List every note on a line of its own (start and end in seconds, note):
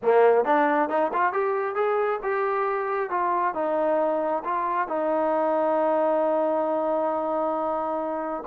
0.02 0.44 A#3
0.44 0.89 D4
0.89 1.11 D#4
1.13 1.32 F4
1.32 1.75 G4
1.75 2.19 G#4
2.22 3.09 G4
3.09 3.54 F4
3.54 4.43 D#4
4.44 4.88 F4
4.88 8.43 D#4